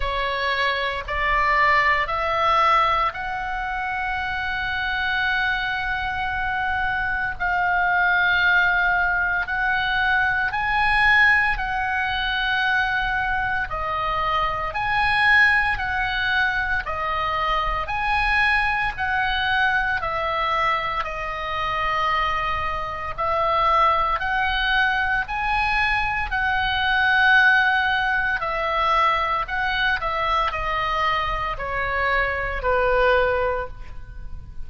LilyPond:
\new Staff \with { instrumentName = "oboe" } { \time 4/4 \tempo 4 = 57 cis''4 d''4 e''4 fis''4~ | fis''2. f''4~ | f''4 fis''4 gis''4 fis''4~ | fis''4 dis''4 gis''4 fis''4 |
dis''4 gis''4 fis''4 e''4 | dis''2 e''4 fis''4 | gis''4 fis''2 e''4 | fis''8 e''8 dis''4 cis''4 b'4 | }